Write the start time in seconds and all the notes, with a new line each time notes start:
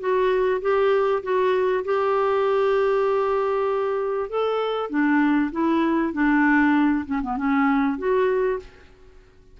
0.00 F#4
0.62 G4
1.23 F#4
1.85 G4
4.30 A4
4.90 D4
5.52 E4
6.13 D4
7.06 C#4
7.22 B3
7.37 C#4
7.98 F#4